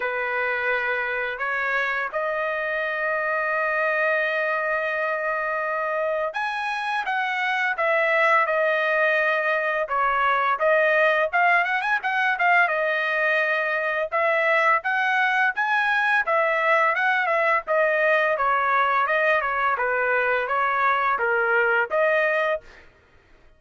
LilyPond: \new Staff \with { instrumentName = "trumpet" } { \time 4/4 \tempo 4 = 85 b'2 cis''4 dis''4~ | dis''1~ | dis''4 gis''4 fis''4 e''4 | dis''2 cis''4 dis''4 |
f''8 fis''16 gis''16 fis''8 f''8 dis''2 | e''4 fis''4 gis''4 e''4 | fis''8 e''8 dis''4 cis''4 dis''8 cis''8 | b'4 cis''4 ais'4 dis''4 | }